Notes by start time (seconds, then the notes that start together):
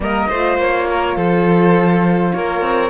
0.00 G3 A#3 A#4 D#5
0.28 A3 F4 C5
0.57 A#3 C#5
0.90 A#4
1.16 F3 A4 C5
2.32 A#3 A#4 C#5
2.61 C4